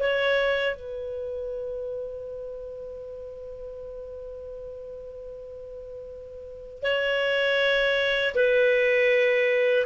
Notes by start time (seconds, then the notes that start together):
0.00 C#5
0.76 B4
6.83 C#5
8.35 B4